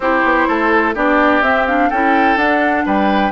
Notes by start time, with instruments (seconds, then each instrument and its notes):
0.00 bassoon C4, clarinet E4, oboe G4, flute C5
0.23 bassoon B3
0.47 bassoon A3, oboe A4
0.94 bassoon B3, clarinet D4, oboe G4, flute D5
1.41 bassoon C4, clarinet C4, flute E5
1.66 clarinet D4, flute F5
1.89 bassoon C#4, clarinet E4, oboe A4, flute G5
2.36 bassoon D4, clarinet D4, flute F#5
2.85 bassoon G3, oboe B4, flute G5